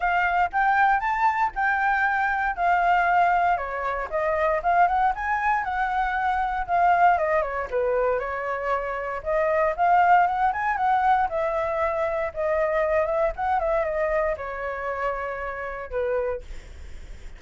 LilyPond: \new Staff \with { instrumentName = "flute" } { \time 4/4 \tempo 4 = 117 f''4 g''4 a''4 g''4~ | g''4 f''2 cis''4 | dis''4 f''8 fis''8 gis''4 fis''4~ | fis''4 f''4 dis''8 cis''8 b'4 |
cis''2 dis''4 f''4 | fis''8 gis''8 fis''4 e''2 | dis''4. e''8 fis''8 e''8 dis''4 | cis''2. b'4 | }